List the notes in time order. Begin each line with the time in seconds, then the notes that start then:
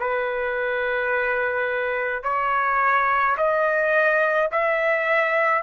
0.00 B4
2.23 C#5
3.37 D#5
4.51 E5